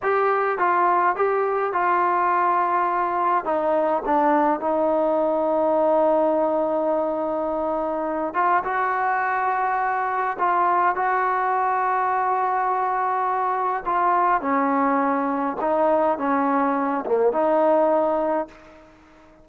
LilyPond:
\new Staff \with { instrumentName = "trombone" } { \time 4/4 \tempo 4 = 104 g'4 f'4 g'4 f'4~ | f'2 dis'4 d'4 | dis'1~ | dis'2~ dis'8 f'8 fis'4~ |
fis'2 f'4 fis'4~ | fis'1 | f'4 cis'2 dis'4 | cis'4. ais8 dis'2 | }